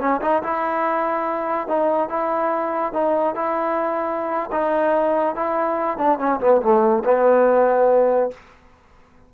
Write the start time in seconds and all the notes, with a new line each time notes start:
0.00 C#4
0.22 D#4
0.43 E4
1.68 D#4
2.09 E4
2.93 D#4
3.35 E4
4.52 D#4
5.36 E4
5.98 D4
6.19 C#4
6.40 B3
6.62 A3
7.05 B3